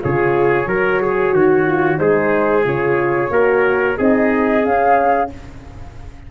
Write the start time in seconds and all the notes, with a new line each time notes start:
0.00 C#3 F4 G#4 C#5
0.66 F#3 F#4 A#4
1.01 G#4
1.32 D#3 F#4
1.66 F4
1.96 G#3 D#4 G#4 C5
2.63 C#3 F4 C#5
3.29 A#3 F#4 A#4
3.95 C4 D#4 G#4 D#5
4.62 C#4 F5